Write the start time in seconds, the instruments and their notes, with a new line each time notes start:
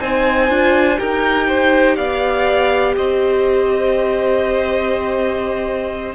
0.00 cello C4, viola D#4, violin C5 G#5
0.49 cello D4, viola F4
0.97 cello D#4, viola G4, violin A#4 G5
1.47 violin C5
1.96 cello B3, violin D5 F5
2.96 cello C4, violin C5 D#5